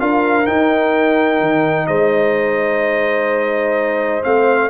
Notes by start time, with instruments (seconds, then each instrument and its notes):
0.00 tuba D4, trombone F4, horn A#4, trumpet F5
0.46 trombone D#4, tuba D#4, trumpet G5
1.41 tuba D#3
1.87 tuba G#3, horn C5, trumpet D#5
4.24 tuba A3, trombone C4, trumpet F5